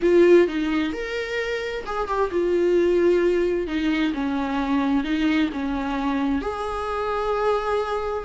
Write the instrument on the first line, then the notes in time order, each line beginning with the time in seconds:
viola
0.02 F4
0.47 D#4
0.92 A#4
1.85 G#4
2.07 G4
2.31 F4
3.67 D#4
4.13 C#4
5.03 D#4
5.52 C#4
6.41 G#4